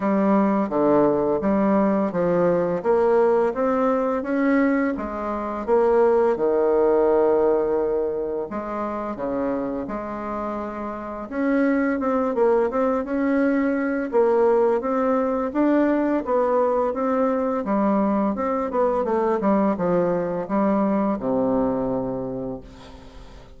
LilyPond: \new Staff \with { instrumentName = "bassoon" } { \time 4/4 \tempo 4 = 85 g4 d4 g4 f4 | ais4 c'4 cis'4 gis4 | ais4 dis2. | gis4 cis4 gis2 |
cis'4 c'8 ais8 c'8 cis'4. | ais4 c'4 d'4 b4 | c'4 g4 c'8 b8 a8 g8 | f4 g4 c2 | }